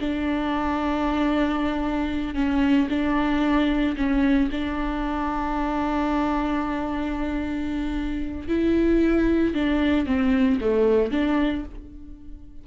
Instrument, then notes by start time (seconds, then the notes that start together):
viola
0.00 D4
2.35 C#4
2.90 D4
3.97 C#4
4.52 D4
8.48 E4
9.54 D4
10.06 C4
10.60 A3
11.11 D4